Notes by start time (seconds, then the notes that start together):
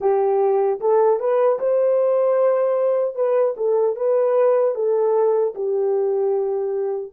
0.00 G4
0.80 A4
1.19 B4
1.59 C5
3.15 B4
3.56 A4
3.95 B4
4.74 A4
5.54 G4